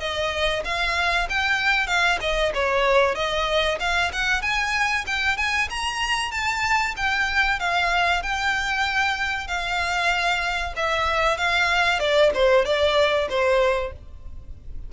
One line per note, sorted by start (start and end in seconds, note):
0.00 0.63 D#5
0.65 1.28 F5
1.30 1.88 G5
1.88 2.19 F5
2.21 2.53 D#5
2.55 3.16 C#5
3.16 3.79 D#5
3.80 4.12 F5
4.13 4.42 F#5
4.42 5.06 G#5
5.07 5.37 G5
5.37 5.69 G#5
5.70 6.32 A#5
6.32 6.95 A5
6.97 7.60 G5
7.60 8.23 F5
8.23 9.48 G5
9.48 10.74 F5
10.77 11.38 E5
11.38 12.00 F5
12.00 12.32 D5
12.34 12.65 C5
12.65 13.29 D5
13.30 13.93 C5